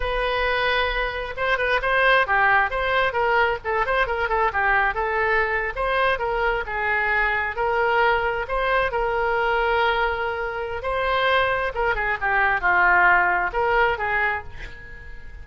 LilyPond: \new Staff \with { instrumentName = "oboe" } { \time 4/4 \tempo 4 = 133 b'2. c''8 b'8 | c''4 g'4 c''4 ais'4 | a'8 c''8 ais'8 a'8 g'4 a'4~ | a'8. c''4 ais'4 gis'4~ gis'16~ |
gis'8. ais'2 c''4 ais'16~ | ais'1 | c''2 ais'8 gis'8 g'4 | f'2 ais'4 gis'4 | }